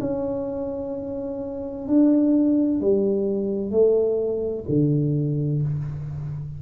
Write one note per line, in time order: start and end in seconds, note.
0.00 1.87 C#4
1.87 2.80 D4
2.80 3.71 G3
3.71 4.64 A3
4.68 5.62 D3